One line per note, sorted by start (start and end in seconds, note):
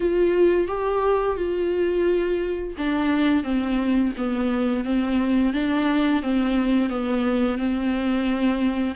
0.00 0.67 F4
0.67 1.36 G4
1.36 2.74 F4
2.77 3.43 D4
3.43 4.12 C4
4.17 4.84 B3
4.84 5.53 C4
5.53 6.22 D4
6.22 6.89 C4
6.89 7.58 B3
7.58 8.95 C4